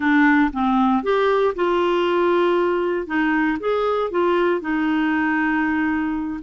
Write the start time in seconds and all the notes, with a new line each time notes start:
0.00 D4
0.52 C4
1.03 G4
1.55 F4
3.06 D#4
3.59 G#4
4.10 F4
4.60 D#4